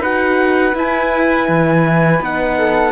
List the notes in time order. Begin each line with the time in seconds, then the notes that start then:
0.00 D#4 F#4 B4 F#5
0.74 E4 G#5
1.48 E3
2.19 B3 D#4 F#5
2.58 A4